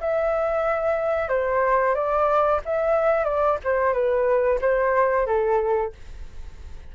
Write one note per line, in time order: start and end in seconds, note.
0.00 1.29 E5
1.29 1.94 C5
1.94 2.60 D5
2.65 3.24 E5
3.24 3.57 D5
3.64 3.93 C5
3.93 4.59 B4
4.61 5.26 C5
5.26 5.92 A4